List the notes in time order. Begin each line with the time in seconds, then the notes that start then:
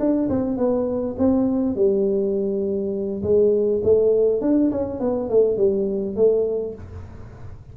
0.00 D4
0.30 C4
0.58 B3
1.19 C4
1.76 G3
3.24 G#3
3.84 A3
4.42 D4
4.72 C#4
5.01 B3
5.30 A3
5.57 G3
6.16 A3